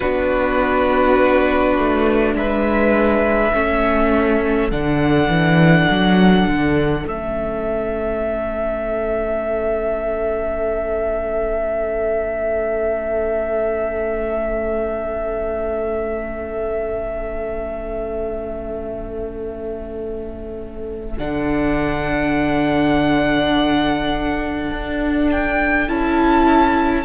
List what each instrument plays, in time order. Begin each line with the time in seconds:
0.00 cello B3, viola D4, violin F#4 B4
1.78 cello A3
2.34 cello G#3, violin B4 E5
3.52 cello A3, viola C#4, violin A4
4.70 cello D3, viola D4, violin F#5
5.28 cello E3
5.90 cello F#3
6.47 cello D3
7.05 cello A3, viola C#4, violin E5
21.17 cello D3, viola D4, violin F#5
24.71 cello D4
25.31 violin G5
25.87 cello C#4, viola E4, violin A5